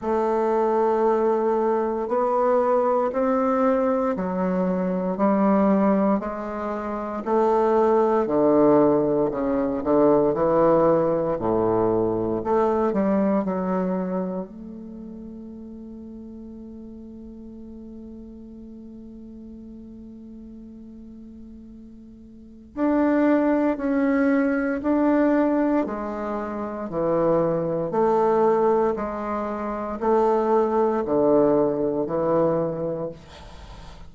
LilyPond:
\new Staff \with { instrumentName = "bassoon" } { \time 4/4 \tempo 4 = 58 a2 b4 c'4 | fis4 g4 gis4 a4 | d4 cis8 d8 e4 a,4 | a8 g8 fis4 a2~ |
a1~ | a2 d'4 cis'4 | d'4 gis4 e4 a4 | gis4 a4 d4 e4 | }